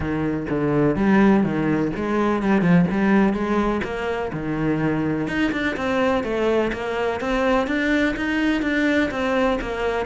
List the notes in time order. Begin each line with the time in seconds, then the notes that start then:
0.00 D#3
0.49 D3
0.96 G3
1.43 D#3
1.95 G#3
2.42 G3
2.61 F3
2.90 G3
3.33 G#3
3.83 A#3
4.32 D#3
5.27 D#4
5.52 D4
5.76 C4
6.23 A3
6.72 A#3
7.20 C4
7.67 D4
8.16 D#4
8.62 D4
9.10 C4
9.61 A#3